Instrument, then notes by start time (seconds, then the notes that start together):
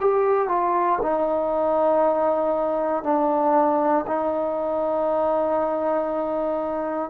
trombone
0.00 G4
0.48 F4
1.02 D#4
3.03 D4
4.07 D#4